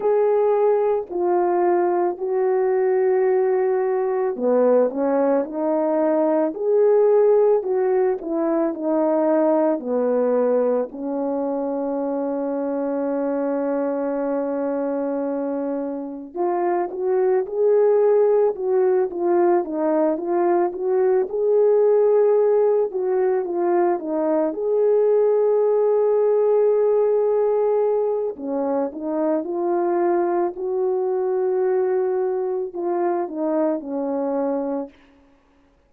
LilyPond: \new Staff \with { instrumentName = "horn" } { \time 4/4 \tempo 4 = 55 gis'4 f'4 fis'2 | b8 cis'8 dis'4 gis'4 fis'8 e'8 | dis'4 b4 cis'2~ | cis'2. f'8 fis'8 |
gis'4 fis'8 f'8 dis'8 f'8 fis'8 gis'8~ | gis'4 fis'8 f'8 dis'8 gis'4.~ | gis'2 cis'8 dis'8 f'4 | fis'2 f'8 dis'8 cis'4 | }